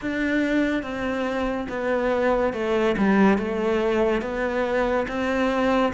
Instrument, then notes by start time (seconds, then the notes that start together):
cello
0.01 D4
0.82 C4
1.69 B3
2.53 A3
2.97 G3
3.38 A3
4.21 B3
5.07 C4